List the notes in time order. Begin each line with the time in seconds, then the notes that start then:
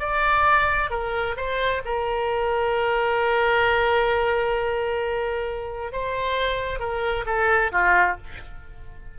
0.00 D5
0.91 A#4
1.37 C5
1.85 A#4
5.93 C5
6.80 A#4
7.26 A4
7.72 F4